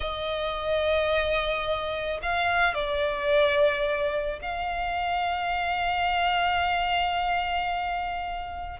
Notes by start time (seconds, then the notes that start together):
0.00 D#5
2.22 F5
2.74 D5
4.41 F5